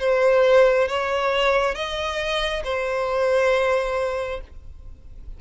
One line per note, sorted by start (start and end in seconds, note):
0.00 0.88 C5
0.88 1.75 C#5
1.75 2.64 D#5
2.65 4.41 C5